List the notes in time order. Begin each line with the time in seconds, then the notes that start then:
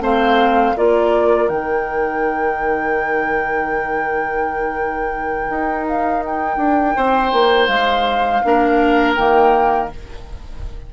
0.00 A3 C4 C5 F5
0.76 A#3 F4 A#4 D5
1.48 D#3 D#4 G5
5.49 D#4
5.87 F5
6.25 G5
6.57 D4
6.96 C4 C5
7.32 A#3
7.66 G#3 F5
8.44 A#3 D4 A#4
9.15 D#3 A#3 G5